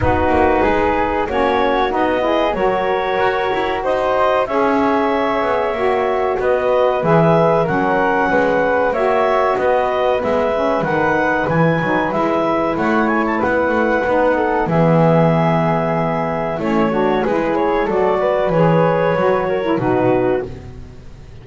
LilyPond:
<<
  \new Staff \with { instrumentName = "clarinet" } { \time 4/4 \tempo 4 = 94 b'2 cis''4 dis''4 | cis''2 dis''4 e''4~ | e''2 dis''4 e''4 | fis''2 e''4 dis''4 |
e''4 fis''4 gis''4 e''4 | fis''8 gis''16 a''16 fis''2 e''4~ | e''2 cis''4 b'8 cis''8 | d''4 cis''2 b'4 | }
  \new Staff \with { instrumentName = "flute" } { \time 4/4 fis'4 gis'4 fis'4. gis'8 | ais'2 c''4 cis''4~ | cis''2 b'2 | ais'4 b'4 cis''4 b'4~ |
b'1 | cis''4 b'4. a'8 gis'4~ | gis'2 e'8 fis'8 gis'4 | a'8 b'2 ais'8 fis'4 | }
  \new Staff \with { instrumentName = "saxophone" } { \time 4/4 dis'2 cis'4 dis'8 e'8 | fis'2. gis'4~ | gis'4 fis'2 gis'4 | cis'2 fis'2 |
b8 cis'8 dis'4 e'8 dis'8 e'4~ | e'2 dis'4 b4~ | b2 cis'8 d'8 e'4 | fis'4 gis'4 fis'8. e'16 dis'4 | }
  \new Staff \with { instrumentName = "double bass" } { \time 4/4 b8 ais8 gis4 ais4 b4 | fis4 fis'8 e'8 dis'4 cis'4~ | cis'8 b8 ais4 b4 e4 | fis4 gis4 ais4 b4 |
gis4 dis4 e8 fis8 gis4 | a4 b8 a8 b4 e4~ | e2 a4 gis4 | fis4 e4 fis4 b,4 | }
>>